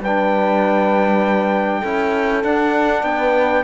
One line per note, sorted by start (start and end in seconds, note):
0.00 1.82 G3
0.00 1.84 D4
0.00 1.81 B4
0.00 2.44 G5
1.81 2.44 C#4
1.81 2.43 E4
1.81 3.02 A4
2.43 3.64 D4
2.43 3.03 D4
2.43 3.04 F#5
3.03 3.63 B3
3.03 3.64 B4
3.03 3.64 G5